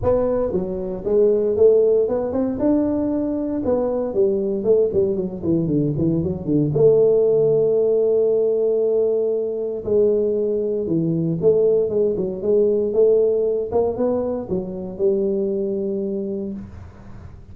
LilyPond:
\new Staff \with { instrumentName = "tuba" } { \time 4/4 \tempo 4 = 116 b4 fis4 gis4 a4 | b8 c'8 d'2 b4 | g4 a8 g8 fis8 e8 d8 e8 | fis8 d8 a2.~ |
a2. gis4~ | gis4 e4 a4 gis8 fis8 | gis4 a4. ais8 b4 | fis4 g2. | }